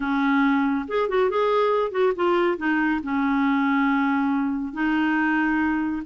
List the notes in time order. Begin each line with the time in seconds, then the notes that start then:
0.00 C#4
0.88 G#4
1.08 F#4
1.29 G#4
1.91 F#4
2.15 F4
2.57 D#4
3.03 C#4
4.73 D#4